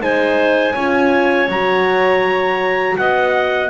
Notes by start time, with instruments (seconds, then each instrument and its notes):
0.00 double bass G#3, horn D#4, clarinet C5, trumpet G#5
0.74 double bass C#4, horn F4, clarinet C#5
1.48 double bass F#3, horn F#4, trumpet A#5
2.97 double bass B3, clarinet D#5, trumpet F#5